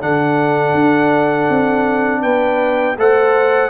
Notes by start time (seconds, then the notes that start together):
0.00 D3 D4 A4 F#5
0.74 D4
1.49 C4
2.21 B3 B4 G5
2.97 A3 A4 C5 F#5